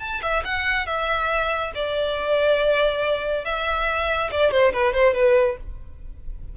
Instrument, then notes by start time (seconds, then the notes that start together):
violin
0.00 A5
0.22 E5
0.45 F#5
0.87 E5
1.75 D5
3.45 E5
4.32 D5
4.51 C5
4.73 B4
4.94 C5
5.14 B4